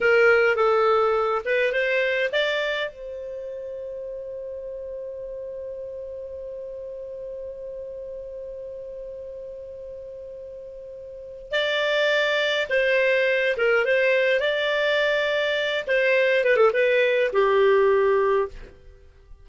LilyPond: \new Staff \with { instrumentName = "clarinet" } { \time 4/4 \tempo 4 = 104 ais'4 a'4. b'8 c''4 | d''4 c''2.~ | c''1~ | c''1~ |
c''1 | d''2 c''4. ais'8 | c''4 d''2~ d''8 c''8~ | c''8 b'16 a'16 b'4 g'2 | }